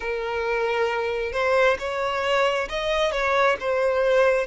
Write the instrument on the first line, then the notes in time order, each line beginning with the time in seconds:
violin
0.00 A#4
1.32 C5
1.78 C#5
2.69 D#5
3.11 C#5
3.60 C5